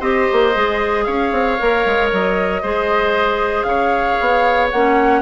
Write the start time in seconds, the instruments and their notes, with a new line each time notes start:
0.00 bassoon C4, clarinet G4, oboe C5, flute D#5
0.32 bassoon A#3
0.55 bassoon G#3, clarinet G#4
1.05 bassoon C#4, oboe C#5, flute F5
1.32 bassoon C4
1.59 bassoon A#3, clarinet A#4
1.86 bassoon G#3
2.12 bassoon F#3, flute D#5
2.62 bassoon G#3, clarinet G#4, oboe C5
3.63 bassoon C#3, oboe C#5, flute F5
4.20 bassoon B3
4.71 bassoon A#3, clarinet C#4, flute F#5